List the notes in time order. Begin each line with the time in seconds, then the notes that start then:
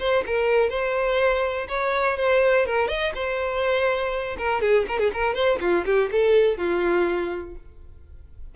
0.00 C5
0.27 A#4
0.70 C5
1.69 C#5
2.18 C5
2.66 A#4
2.89 D#5
3.16 C5
4.38 A#4
4.62 G#4
4.88 A#4
5.00 G#4
5.14 A#4
5.35 C5
5.61 F4
5.86 G4
6.12 A4
6.58 F4